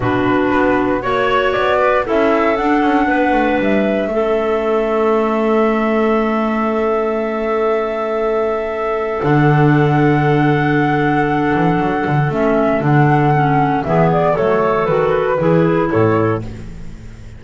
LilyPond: <<
  \new Staff \with { instrumentName = "flute" } { \time 4/4 \tempo 4 = 117 b'2 cis''4 d''4 | e''4 fis''2 e''4~ | e''1~ | e''1~ |
e''2 fis''2~ | fis''1 | e''4 fis''2 e''8 d''8 | cis''4 b'2 cis''4 | }
  \new Staff \with { instrumentName = "clarinet" } { \time 4/4 fis'2 cis''4. b'8 | a'2 b'2 | a'1~ | a'1~ |
a'1~ | a'1~ | a'2. gis'4 | a'2 gis'4 a'4 | }
  \new Staff \with { instrumentName = "clarinet" } { \time 4/4 d'2 fis'2 | e'4 d'2. | cis'1~ | cis'1~ |
cis'2 d'2~ | d'1 | cis'4 d'4 cis'4 b4 | a4 fis'4 e'2 | }
  \new Staff \with { instrumentName = "double bass" } { \time 4/4 b,4 b4 ais4 b4 | cis'4 d'8 cis'8 b8 a8 g4 | a1~ | a1~ |
a2 d2~ | d2~ d8 e8 fis8 d8 | a4 d2 e4 | fis4 dis4 e4 a,4 | }
>>